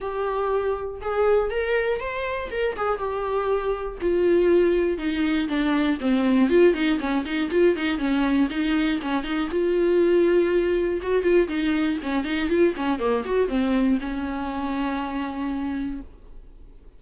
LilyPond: \new Staff \with { instrumentName = "viola" } { \time 4/4 \tempo 4 = 120 g'2 gis'4 ais'4 | c''4 ais'8 gis'8 g'2 | f'2 dis'4 d'4 | c'4 f'8 dis'8 cis'8 dis'8 f'8 dis'8 |
cis'4 dis'4 cis'8 dis'8 f'4~ | f'2 fis'8 f'8 dis'4 | cis'8 dis'8 f'8 cis'8 ais8 fis'8 c'4 | cis'1 | }